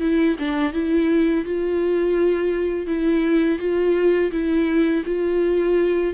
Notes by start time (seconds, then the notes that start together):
0.00 E4
0.38 D4
0.73 E4
1.45 F4
2.87 E4
3.58 F4
4.31 E4
5.05 F4